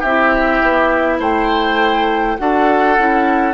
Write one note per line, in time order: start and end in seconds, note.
0.00 0.62 C4
0.00 1.18 G4
0.00 1.20 E5
0.07 2.39 E4
0.62 1.20 B3
1.20 2.37 A3
1.20 2.37 C5
1.20 2.38 G5
2.38 2.98 D4
2.38 2.98 F#4
2.38 3.54 A4
2.38 3.54 F#5
2.98 3.54 C#4
2.98 3.54 E4